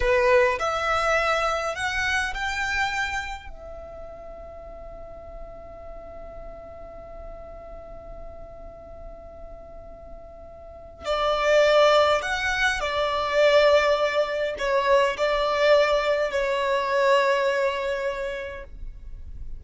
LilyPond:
\new Staff \with { instrumentName = "violin" } { \time 4/4 \tempo 4 = 103 b'4 e''2 fis''4 | g''2 e''2~ | e''1~ | e''1~ |
e''2. d''4~ | d''4 fis''4 d''2~ | d''4 cis''4 d''2 | cis''1 | }